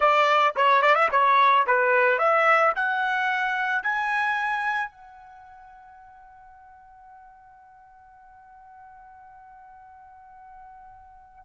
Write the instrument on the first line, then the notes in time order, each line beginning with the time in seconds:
trumpet
0.00 D5
0.56 C#5
0.82 D5
0.95 E5
1.11 C#5
1.66 B4
2.18 E5
2.75 F#5
3.83 G#5
4.91 F#5